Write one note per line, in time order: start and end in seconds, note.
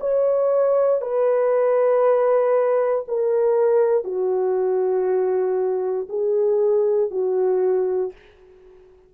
0.00 1.02 C#5
1.02 3.05 B4
3.08 4.04 A#4
4.04 6.07 F#4
6.09 7.10 G#4
7.10 8.12 F#4